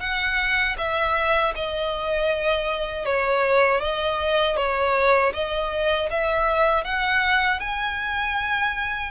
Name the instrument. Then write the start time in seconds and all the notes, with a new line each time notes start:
violin
0.00 F#5
0.77 E5
1.55 D#5
3.05 C#5
3.80 D#5
4.56 C#5
5.33 D#5
6.10 E5
6.84 F#5
7.59 G#5